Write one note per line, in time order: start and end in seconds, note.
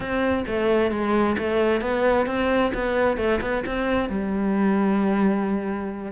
0.00 0.44 C4
0.47 0.91 A3
0.91 1.36 G#3
1.38 1.81 A3
1.81 2.26 B3
2.26 2.71 C4
2.74 3.17 B3
3.17 3.40 A3
3.41 3.63 B3
3.66 4.09 C4
4.09 6.12 G3